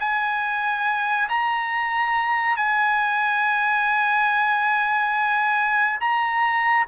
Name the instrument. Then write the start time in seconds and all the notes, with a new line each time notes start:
trumpet
0.00 G#5
1.29 A#5
2.57 G#5
6.00 A#5